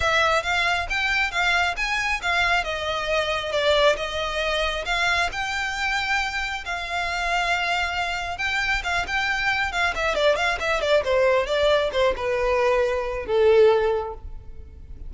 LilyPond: \new Staff \with { instrumentName = "violin" } { \time 4/4 \tempo 4 = 136 e''4 f''4 g''4 f''4 | gis''4 f''4 dis''2 | d''4 dis''2 f''4 | g''2. f''4~ |
f''2. g''4 | f''8 g''4. f''8 e''8 d''8 f''8 | e''8 d''8 c''4 d''4 c''8 b'8~ | b'2 a'2 | }